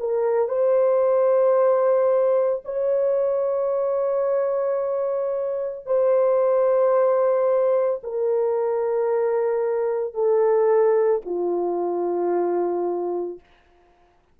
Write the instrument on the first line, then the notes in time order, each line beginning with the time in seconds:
horn
0.00 A#4
0.49 C5
2.65 C#5
5.86 C5
8.04 A#4
10.14 A4
11.26 F4